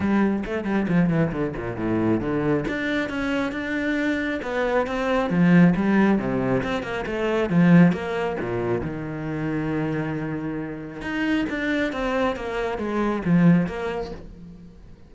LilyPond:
\new Staff \with { instrumentName = "cello" } { \time 4/4 \tempo 4 = 136 g4 a8 g8 f8 e8 d8 ais,8 | a,4 d4 d'4 cis'4 | d'2 b4 c'4 | f4 g4 c4 c'8 ais8 |
a4 f4 ais4 ais,4 | dis1~ | dis4 dis'4 d'4 c'4 | ais4 gis4 f4 ais4 | }